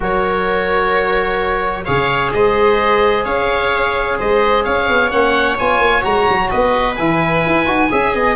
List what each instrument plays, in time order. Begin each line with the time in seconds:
0.00 tuba F#3, trombone F#4, viola A#4, oboe C#5
1.84 tuba C#3, trombone G#4, viola C#5, oboe F5
2.33 tuba G#3, viola C5, oboe D#5
3.25 tuba C#4, viola C#5, oboe F5
4.18 tuba G#3, viola C5, oboe D#5
4.64 tuba C#4, viola C#5, oboe F5
4.89 tuba B3
5.10 tuba A#3, trombone C#4, oboe F#5
5.58 tuba B3, trombone F4, oboe G#5
5.78 tuba A#3
6.01 tuba G#3, trombone F#4, oboe A#5
6.29 tuba F#3
6.49 tuba B3, viola B4, oboe D#5
6.95 tuba E3, trombone E4, oboe G#5
7.46 tuba E4
7.66 tuba D#4, trombone F#4
7.91 tuba C#4, trombone G#4, viola E5
8.14 tuba B3, viola D#5